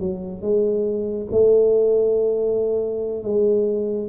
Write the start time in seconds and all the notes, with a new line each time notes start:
0.00 F#3
0.42 G#3
1.32 A3
3.24 G#3